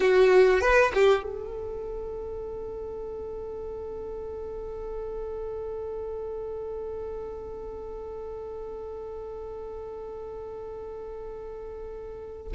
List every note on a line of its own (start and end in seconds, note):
0.00 0.61 F#4
0.61 0.92 B4
0.94 1.23 G4
1.23 12.52 A4